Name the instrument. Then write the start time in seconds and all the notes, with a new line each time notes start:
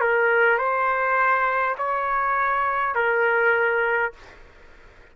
trumpet
0.00 A#4
0.58 C5
1.78 C#5
2.95 A#4